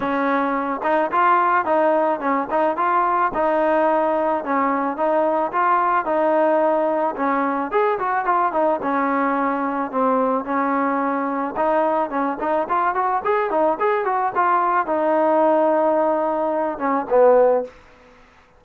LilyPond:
\new Staff \with { instrumentName = "trombone" } { \time 4/4 \tempo 4 = 109 cis'4. dis'8 f'4 dis'4 | cis'8 dis'8 f'4 dis'2 | cis'4 dis'4 f'4 dis'4~ | dis'4 cis'4 gis'8 fis'8 f'8 dis'8 |
cis'2 c'4 cis'4~ | cis'4 dis'4 cis'8 dis'8 f'8 fis'8 | gis'8 dis'8 gis'8 fis'8 f'4 dis'4~ | dis'2~ dis'8 cis'8 b4 | }